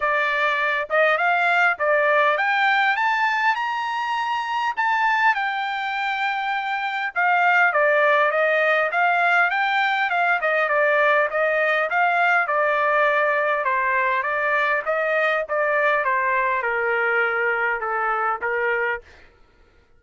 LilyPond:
\new Staff \with { instrumentName = "trumpet" } { \time 4/4 \tempo 4 = 101 d''4. dis''8 f''4 d''4 | g''4 a''4 ais''2 | a''4 g''2. | f''4 d''4 dis''4 f''4 |
g''4 f''8 dis''8 d''4 dis''4 | f''4 d''2 c''4 | d''4 dis''4 d''4 c''4 | ais'2 a'4 ais'4 | }